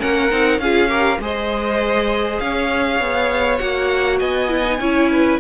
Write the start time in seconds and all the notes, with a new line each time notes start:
0.00 A#3 C#4 A#4 F#5
0.31 C4 D#4
0.59 C#4 F4 G#4 F5
0.89 G4 A#4
1.20 G#3 G#4 C5 D#5
2.40 C#4 C#5 F5
3.00 B3
3.58 A#3 F#4 F#5
4.20 B3 D#5 G#5
4.49 E4
4.65 D#4
4.80 C#4 E4 C#5
5.12 B4